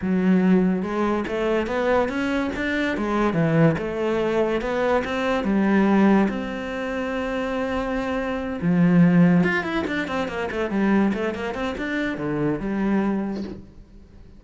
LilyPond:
\new Staff \with { instrumentName = "cello" } { \time 4/4 \tempo 4 = 143 fis2 gis4 a4 | b4 cis'4 d'4 gis4 | e4 a2 b4 | c'4 g2 c'4~ |
c'1~ | c'8 f2 f'8 e'8 d'8 | c'8 ais8 a8 g4 a8 ais8 c'8 | d'4 d4 g2 | }